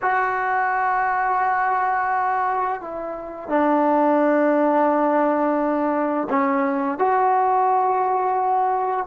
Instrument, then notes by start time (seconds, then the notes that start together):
trombone
0.02 F#4
2.81 E4
3.49 D4
6.29 C#4
6.98 F#4